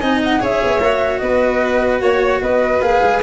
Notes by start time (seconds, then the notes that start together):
0.00 C4 D#4 D#5 G#5
0.24 F#5
0.40 C#4 G#4 C#5 E5
0.64 B3
0.81 A#3 F#4
1.18 B3 B4 D#5
2.01 A#3 C#5
2.42 B3 B4 D#5
2.81 A#3 G#4 F5
3.02 G#3